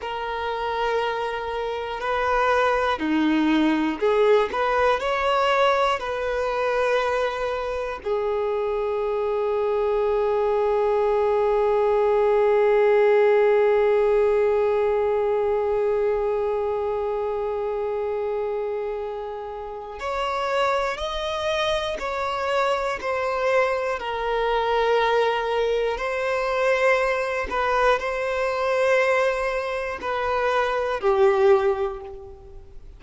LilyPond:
\new Staff \with { instrumentName = "violin" } { \time 4/4 \tempo 4 = 60 ais'2 b'4 dis'4 | gis'8 b'8 cis''4 b'2 | gis'1~ | gis'1~ |
gis'1 | cis''4 dis''4 cis''4 c''4 | ais'2 c''4. b'8 | c''2 b'4 g'4 | }